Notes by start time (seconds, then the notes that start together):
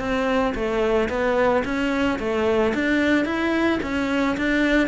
0.00 C4
0.55 A3
1.10 B3
1.65 C#4
2.20 A3
2.75 D4
3.26 E4
3.83 C#4
4.38 D4